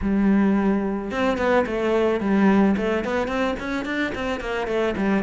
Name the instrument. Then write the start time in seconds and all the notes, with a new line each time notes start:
cello
0.01 G3
1.11 C4
1.37 B3
1.66 A3
2.20 G3
2.76 A3
3.04 B3
3.27 C4
3.59 C#4
3.85 D4
4.15 C4
4.40 A#3
4.67 A3
4.96 G3